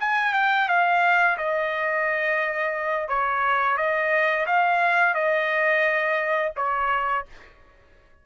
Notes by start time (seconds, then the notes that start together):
0.00 G#5
0.34 G5
0.68 F5
1.38 D#5
3.08 C#5
3.77 D#5
4.46 F5
5.14 D#5
6.56 C#5